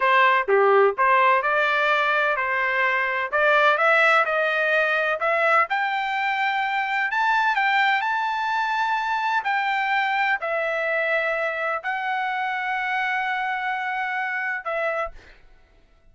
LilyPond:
\new Staff \with { instrumentName = "trumpet" } { \time 4/4 \tempo 4 = 127 c''4 g'4 c''4 d''4~ | d''4 c''2 d''4 | e''4 dis''2 e''4 | g''2. a''4 |
g''4 a''2. | g''2 e''2~ | e''4 fis''2.~ | fis''2. e''4 | }